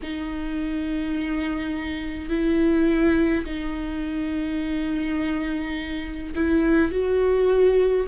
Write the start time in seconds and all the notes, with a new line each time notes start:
0.02 D#4
2.29 E4
3.45 D#4
6.35 E4
6.91 F#4